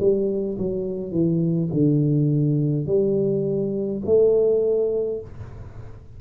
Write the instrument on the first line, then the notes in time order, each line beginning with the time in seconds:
tuba
0.00 G3
0.58 F#3
1.12 E3
1.73 D3
2.87 G3
4.06 A3